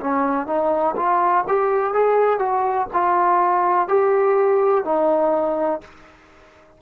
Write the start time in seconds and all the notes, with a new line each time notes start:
0.00 C#4
0.47 D#4
0.96 F4
1.48 G4
1.93 G#4
2.39 F#4
2.93 F4
3.88 G4
4.84 D#4